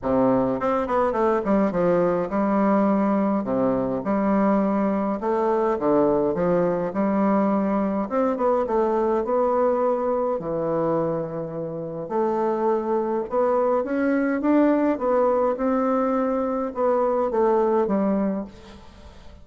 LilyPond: \new Staff \with { instrumentName = "bassoon" } { \time 4/4 \tempo 4 = 104 c4 c'8 b8 a8 g8 f4 | g2 c4 g4~ | g4 a4 d4 f4 | g2 c'8 b8 a4 |
b2 e2~ | e4 a2 b4 | cis'4 d'4 b4 c'4~ | c'4 b4 a4 g4 | }